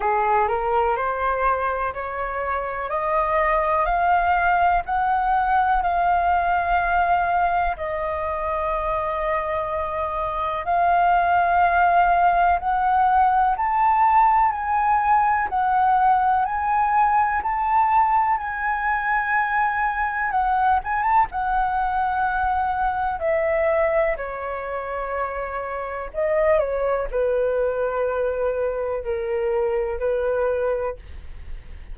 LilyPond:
\new Staff \with { instrumentName = "flute" } { \time 4/4 \tempo 4 = 62 gis'8 ais'8 c''4 cis''4 dis''4 | f''4 fis''4 f''2 | dis''2. f''4~ | f''4 fis''4 a''4 gis''4 |
fis''4 gis''4 a''4 gis''4~ | gis''4 fis''8 gis''16 a''16 fis''2 | e''4 cis''2 dis''8 cis''8 | b'2 ais'4 b'4 | }